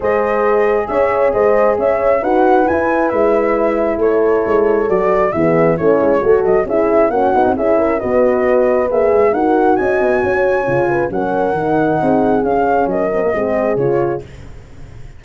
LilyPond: <<
  \new Staff \with { instrumentName = "flute" } { \time 4/4 \tempo 4 = 135 dis''2 e''4 dis''4 | e''4 fis''4 gis''4 e''4~ | e''4 cis''2 d''4 | e''4 cis''4. dis''8 e''4 |
fis''4 e''4 dis''2 | e''4 fis''4 gis''2~ | gis''4 fis''2. | f''4 dis''2 cis''4 | }
  \new Staff \with { instrumentName = "horn" } { \time 4/4 c''2 cis''4 c''4 | cis''4 b'2.~ | b'4 a'2. | gis'4 e'4 a'4 gis'4 |
fis'4 gis'8 ais'8 b'2~ | b'4 ais'4 dis''4 cis''4~ | cis''8 b'8 ais'2 gis'4~ | gis'4 ais'4 gis'2 | }
  \new Staff \with { instrumentName = "horn" } { \time 4/4 gis'1~ | gis'4 fis'4 e'2~ | e'2. fis'4 | b4 cis'4 fis'4 e'4 |
cis'8 dis'8 e'4 fis'2 | gis'4 fis'2. | f'4 cis'4 dis'2 | cis'4. c'16 ais16 c'4 f'4 | }
  \new Staff \with { instrumentName = "tuba" } { \time 4/4 gis2 cis'4 gis4 | cis'4 dis'4 e'4 gis4~ | gis4 a4 gis4 fis4 | e4 a8 gis8 a8 fis8 cis'4 |
ais8 b16 c'16 cis'4 b2 | ais8 gis8 dis'4 cis'8 b8 cis'4 | cis4 fis4 dis4 c'4 | cis'4 fis4 gis4 cis4 | }
>>